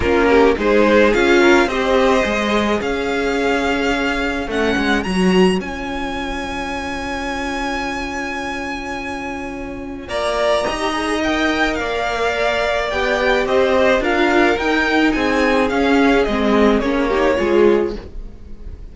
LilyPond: <<
  \new Staff \with { instrumentName = "violin" } { \time 4/4 \tempo 4 = 107 ais'4 c''4 f''4 dis''4~ | dis''4 f''2. | fis''4 ais''4 gis''2~ | gis''1~ |
gis''2 ais''2 | g''4 f''2 g''4 | dis''4 f''4 g''4 gis''4 | f''4 dis''4 cis''2 | }
  \new Staff \with { instrumentName = "violin" } { \time 4/4 f'8 g'8 gis'4. ais'8 c''4~ | c''4 cis''2.~ | cis''1~ | cis''1~ |
cis''2 d''4 dis''4~ | dis''4 d''2. | c''4 ais'2 gis'4~ | gis'2~ gis'8 g'8 gis'4 | }
  \new Staff \with { instrumentName = "viola" } { \time 4/4 cis'4 dis'4 f'4 g'4 | gis'1 | cis'4 fis'4 f'2~ | f'1~ |
f'2. g'8 gis'8 | ais'2. g'4~ | g'4 f'4 dis'2 | cis'4 c'4 cis'8 dis'8 f'4 | }
  \new Staff \with { instrumentName = "cello" } { \time 4/4 ais4 gis4 cis'4 c'4 | gis4 cis'2. | a8 gis8 fis4 cis'2~ | cis'1~ |
cis'2 ais4 dis'4~ | dis'4 ais2 b4 | c'4 d'4 dis'4 c'4 | cis'4 gis4 ais4 gis4 | }
>>